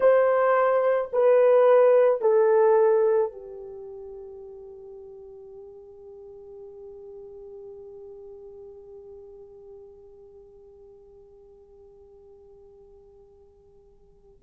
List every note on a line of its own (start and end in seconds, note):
0.00 1.11 C5
1.12 2.21 B4
2.21 3.31 A4
3.31 14.42 G4